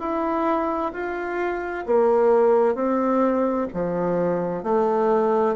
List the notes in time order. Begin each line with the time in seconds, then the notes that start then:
0.00 E4
0.93 F4
1.86 A#3
2.75 C4
3.74 F3
4.64 A3